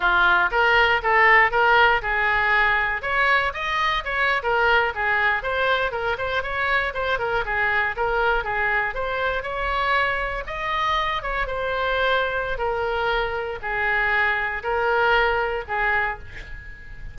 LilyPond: \new Staff \with { instrumentName = "oboe" } { \time 4/4 \tempo 4 = 119 f'4 ais'4 a'4 ais'4 | gis'2 cis''4 dis''4 | cis''8. ais'4 gis'4 c''4 ais'16~ | ais'16 c''8 cis''4 c''8 ais'8 gis'4 ais'16~ |
ais'8. gis'4 c''4 cis''4~ cis''16~ | cis''8. dis''4. cis''8 c''4~ c''16~ | c''4 ais'2 gis'4~ | gis'4 ais'2 gis'4 | }